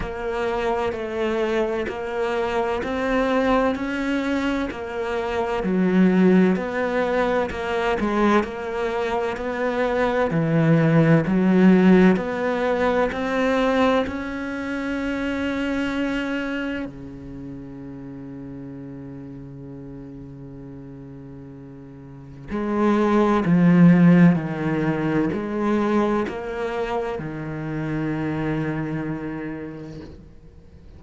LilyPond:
\new Staff \with { instrumentName = "cello" } { \time 4/4 \tempo 4 = 64 ais4 a4 ais4 c'4 | cis'4 ais4 fis4 b4 | ais8 gis8 ais4 b4 e4 | fis4 b4 c'4 cis'4~ |
cis'2 cis2~ | cis1 | gis4 f4 dis4 gis4 | ais4 dis2. | }